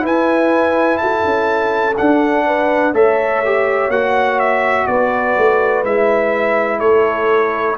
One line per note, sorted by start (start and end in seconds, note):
0.00 1.94 E4
0.00 1.00 E4
0.00 1.00 B4
0.06 0.98 G#5
0.98 1.24 F#4
0.98 2.46 A4
0.98 1.95 A5
1.24 1.97 C#4
1.97 2.94 D4
1.97 2.94 F#5
2.46 2.94 B4
2.94 3.89 A3
2.94 3.43 A4
2.94 4.88 C#5
2.94 3.91 E5
3.45 3.92 G4
3.89 4.86 A#3
3.89 5.85 F#4
3.89 4.39 F#5
4.39 4.87 E5
4.87 5.36 B3
4.87 6.80 B4
4.87 5.84 D5
5.37 5.84 A3
5.84 6.80 G#3
5.84 7.78 E4
5.84 6.80 E5
6.80 7.77 A3
6.80 7.77 A4
6.80 7.76 C#5